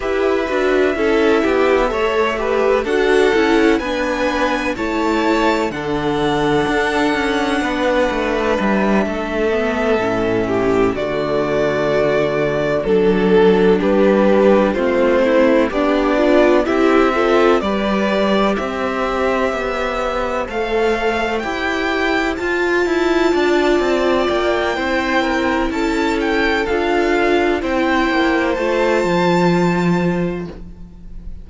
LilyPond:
<<
  \new Staff \with { instrumentName = "violin" } { \time 4/4 \tempo 4 = 63 e''2. fis''4 | gis''4 a''4 fis''2~ | fis''4 e''2~ e''8 d''8~ | d''4. a'4 b'4 c''8~ |
c''8 d''4 e''4 d''4 e''8~ | e''4. f''4 g''4 a''8~ | a''4. g''4. a''8 g''8 | f''4 g''4 a''2 | }
  \new Staff \with { instrumentName = "violin" } { \time 4/4 b'4 a'8 g'8 cis''8 b'8 a'4 | b'4 cis''4 a'2 | b'4. a'4. g'8 fis'8~ | fis'4. a'4 g'4 f'8 |
e'8 d'4 g'8 a'8 b'4 c''8~ | c''1~ | c''8 d''4. c''8 ais'8 a'4~ | a'4 c''2. | }
  \new Staff \with { instrumentName = "viola" } { \time 4/4 g'8 fis'8 e'4 a'8 g'8 fis'8 e'8 | d'4 e'4 d'2~ | d'2 b8 cis'4 a8~ | a4. d'2 c'8~ |
c'8 g'8 f'8 e'8 f'8 g'4.~ | g'4. a'4 g'4 f'8~ | f'2 e'2 | f'4 e'4 f'2 | }
  \new Staff \with { instrumentName = "cello" } { \time 4/4 e'8 d'8 cis'8 b8 a4 d'8 cis'8 | b4 a4 d4 d'8 cis'8 | b8 a8 g8 a4 a,4 d8~ | d4. fis4 g4 a8~ |
a8 b4 c'4 g4 c'8~ | c'8 b4 a4 e'4 f'8 | e'8 d'8 c'8 ais8 c'4 cis'4 | d'4 c'8 ais8 a8 f4. | }
>>